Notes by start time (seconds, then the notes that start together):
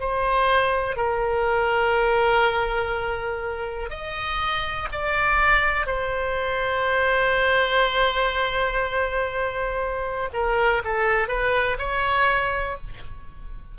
0.00 C5
0.97 A#4
3.90 D#5
4.92 D5
5.87 C5
10.34 A#4
10.85 A4
11.28 B4
11.79 C#5